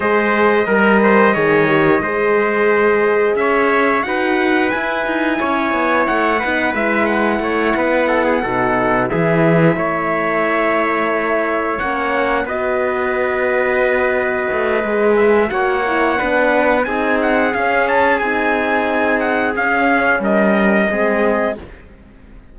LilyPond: <<
  \new Staff \with { instrumentName = "trumpet" } { \time 4/4 \tempo 4 = 89 dis''1~ | dis''4 e''4 fis''4 gis''4~ | gis''4 fis''4 e''8 fis''4.~ | fis''4. e''2~ e''8~ |
e''4. fis''4 dis''4.~ | dis''2~ dis''8 e''8 fis''4~ | fis''4 gis''8 fis''8 f''8 a''8 gis''4~ | gis''8 fis''8 f''4 dis''2 | }
  \new Staff \with { instrumentName = "trumpet" } { \time 4/4 c''4 ais'8 c''8 cis''4 c''4~ | c''4 cis''4 b'2 | cis''4. b'4. cis''8 b'8 | a'16 gis'16 a'4 gis'4 cis''4.~ |
cis''2~ cis''8 b'4.~ | b'2. cis''4 | b'4 gis'2.~ | gis'2 ais'4 gis'4 | }
  \new Staff \with { instrumentName = "horn" } { \time 4/4 gis'4 ais'4 gis'8 g'8 gis'4~ | gis'2 fis'4 e'4~ | e'4. dis'8 e'2~ | e'8 dis'4 e'2~ e'8~ |
e'4. cis'4 fis'4.~ | fis'2 gis'4 fis'8 e'8 | d'4 dis'4 cis'4 dis'4~ | dis'4 cis'2 c'4 | }
  \new Staff \with { instrumentName = "cello" } { \time 4/4 gis4 g4 dis4 gis4~ | gis4 cis'4 dis'4 e'8 dis'8 | cis'8 b8 a8 b8 gis4 a8 b8~ | b8 b,4 e4 a4.~ |
a4. ais4 b4.~ | b4. a8 gis4 ais4 | b4 c'4 cis'4 c'4~ | c'4 cis'4 g4 gis4 | }
>>